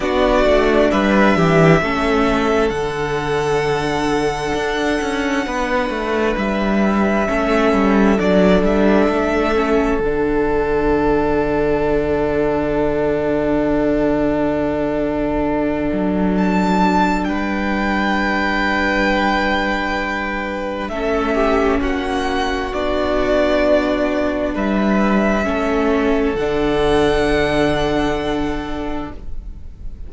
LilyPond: <<
  \new Staff \with { instrumentName = "violin" } { \time 4/4 \tempo 4 = 66 d''4 e''2 fis''4~ | fis''2. e''4~ | e''4 d''8 e''4. fis''4~ | fis''1~ |
fis''2 a''4 g''4~ | g''2. e''4 | fis''4 d''2 e''4~ | e''4 fis''2. | }
  \new Staff \with { instrumentName = "violin" } { \time 4/4 fis'4 b'8 g'8 a'2~ | a'2 b'2 | a'1~ | a'1~ |
a'2. b'4~ | b'2. a'8 g'8 | fis'2. b'4 | a'1 | }
  \new Staff \with { instrumentName = "viola" } { \time 4/4 d'2 cis'4 d'4~ | d'1 | cis'4 d'4. cis'8 d'4~ | d'1~ |
d'1~ | d'2. cis'4~ | cis'4 d'2. | cis'4 d'2. | }
  \new Staff \with { instrumentName = "cello" } { \time 4/4 b8 a8 g8 e8 a4 d4~ | d4 d'8 cis'8 b8 a8 g4 | a8 g8 fis8 g8 a4 d4~ | d1~ |
d4. fis4. g4~ | g2. a4 | ais4 b2 g4 | a4 d2. | }
>>